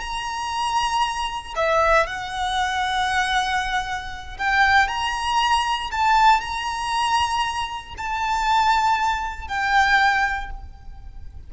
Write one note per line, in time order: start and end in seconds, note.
0.00 1.54 A#5
1.55 2.06 E5
2.06 4.37 F#5
4.38 4.87 G5
4.87 5.90 A#5
5.91 6.40 A5
6.40 7.94 A#5
7.97 9.47 A5
9.47 10.50 G5